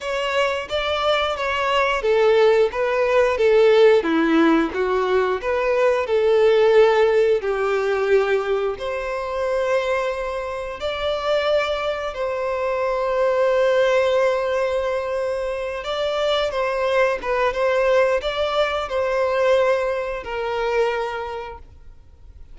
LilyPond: \new Staff \with { instrumentName = "violin" } { \time 4/4 \tempo 4 = 89 cis''4 d''4 cis''4 a'4 | b'4 a'4 e'4 fis'4 | b'4 a'2 g'4~ | g'4 c''2. |
d''2 c''2~ | c''2.~ c''8 d''8~ | d''8 c''4 b'8 c''4 d''4 | c''2 ais'2 | }